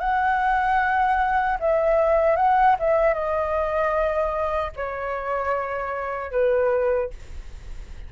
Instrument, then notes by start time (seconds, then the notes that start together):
flute
0.00 F#5
1.60 E5
2.36 F#5
2.80 E5
3.14 D#5
4.76 C#5
6.32 B4